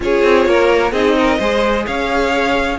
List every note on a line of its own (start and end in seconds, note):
0.00 0.23 C#4
0.00 0.93 F4
0.00 0.48 G#4
0.00 0.92 C#5
0.23 0.46 C4
0.46 0.91 A#3
0.46 0.92 A#4
0.91 1.38 C4
0.91 1.40 D#4
0.91 1.15 G#4
0.91 1.85 D#5
1.19 1.38 A#4
1.38 1.86 G#3
1.38 2.78 G#4
1.38 1.85 C5
1.86 2.78 C#4
1.86 2.78 C#5
1.86 2.78 F5